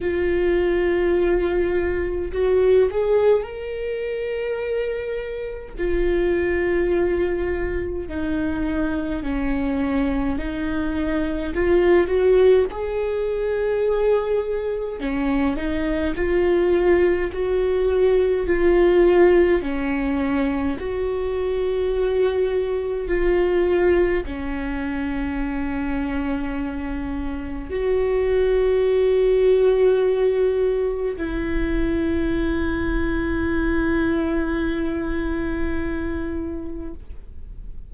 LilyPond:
\new Staff \with { instrumentName = "viola" } { \time 4/4 \tempo 4 = 52 f'2 fis'8 gis'8 ais'4~ | ais'4 f'2 dis'4 | cis'4 dis'4 f'8 fis'8 gis'4~ | gis'4 cis'8 dis'8 f'4 fis'4 |
f'4 cis'4 fis'2 | f'4 cis'2. | fis'2. e'4~ | e'1 | }